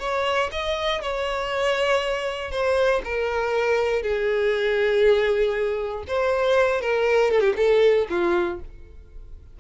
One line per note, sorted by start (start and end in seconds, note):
0.00 0.50 C#5
0.52 1.02 D#5
1.02 2.52 C#5
2.52 3.02 C5
3.05 4.03 A#4
4.03 6.04 G#4
6.08 6.82 C5
6.82 7.32 A#4
7.32 7.41 A4
7.41 7.54 G4
7.57 8.07 A4
8.10 8.61 F4